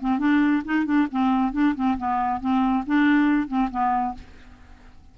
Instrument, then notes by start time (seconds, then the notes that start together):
clarinet
0.00 C4
0.19 D4
0.64 D#4
0.85 D4
1.11 C4
1.52 D4
1.75 C4
1.97 B3
2.40 C4
2.86 D4
3.47 C4
3.70 B3